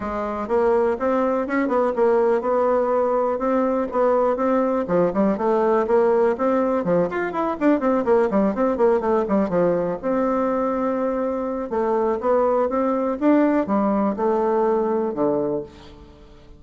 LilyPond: \new Staff \with { instrumentName = "bassoon" } { \time 4/4 \tempo 4 = 123 gis4 ais4 c'4 cis'8 b8 | ais4 b2 c'4 | b4 c'4 f8 g8 a4 | ais4 c'4 f8 f'8 e'8 d'8 |
c'8 ais8 g8 c'8 ais8 a8 g8 f8~ | f8 c'2.~ c'8 | a4 b4 c'4 d'4 | g4 a2 d4 | }